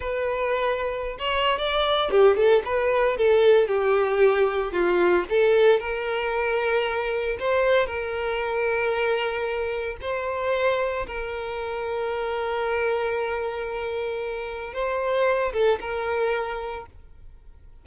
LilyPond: \new Staff \with { instrumentName = "violin" } { \time 4/4 \tempo 4 = 114 b'2~ b'16 cis''8. d''4 | g'8 a'8 b'4 a'4 g'4~ | g'4 f'4 a'4 ais'4~ | ais'2 c''4 ais'4~ |
ais'2. c''4~ | c''4 ais'2.~ | ais'1 | c''4. a'8 ais'2 | }